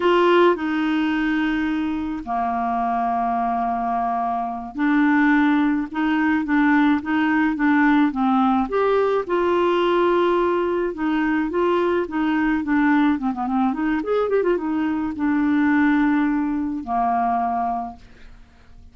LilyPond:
\new Staff \with { instrumentName = "clarinet" } { \time 4/4 \tempo 4 = 107 f'4 dis'2. | ais1~ | ais8 d'2 dis'4 d'8~ | d'8 dis'4 d'4 c'4 g'8~ |
g'8 f'2. dis'8~ | dis'8 f'4 dis'4 d'4 c'16 b16 | c'8 dis'8 gis'8 g'16 f'16 dis'4 d'4~ | d'2 ais2 | }